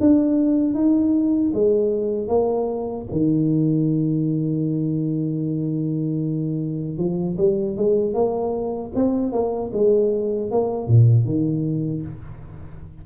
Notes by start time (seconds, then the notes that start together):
0.00 D4
0.74 D#4
1.54 G#3
2.28 A#3
3.11 D#3
6.98 F3
7.37 G3
7.76 G#3
8.14 A#3
8.95 C4
9.32 A#3
9.73 G#3
10.51 A#3
10.88 A#2
11.25 D#3